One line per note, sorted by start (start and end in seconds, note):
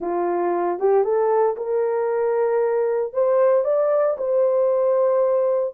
0.00 0.79 F4
0.79 1.03 G4
1.03 1.56 A4
1.57 3.13 A#4
3.13 3.64 C5
3.64 4.16 D5
4.17 5.74 C5